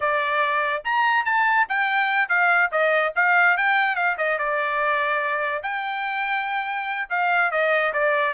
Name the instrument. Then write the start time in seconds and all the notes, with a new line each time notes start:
trumpet
0.00 D5
0.84 A#5
1.25 A5
1.68 G5
2.28 F5
2.71 D#5
3.15 F5
3.57 G5
3.95 F5
4.17 D#5
4.38 D5
5.62 G5
7.09 F5
7.51 D#5
7.93 D5